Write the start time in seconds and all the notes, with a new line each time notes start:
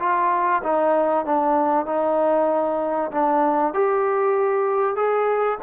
0.00 F4
0.63 D#4
1.26 D4
1.86 D#4
3.12 D4
3.74 G4
4.96 G#4